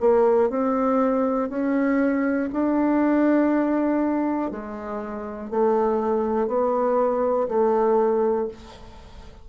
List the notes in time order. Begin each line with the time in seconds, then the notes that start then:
0.00 A#3
0.50 C4
1.49 C#4
2.52 D4
4.51 G#3
5.50 A3
6.47 B3
7.48 A3